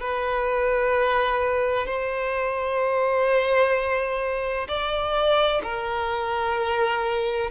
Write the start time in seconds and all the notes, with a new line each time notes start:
0.00 B4
1.86 C5
4.67 D5
5.62 A#4